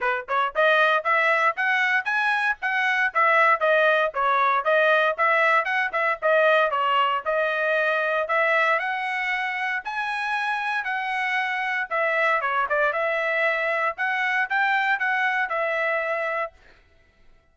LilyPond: \new Staff \with { instrumentName = "trumpet" } { \time 4/4 \tempo 4 = 116 b'8 cis''8 dis''4 e''4 fis''4 | gis''4 fis''4 e''4 dis''4 | cis''4 dis''4 e''4 fis''8 e''8 | dis''4 cis''4 dis''2 |
e''4 fis''2 gis''4~ | gis''4 fis''2 e''4 | cis''8 d''8 e''2 fis''4 | g''4 fis''4 e''2 | }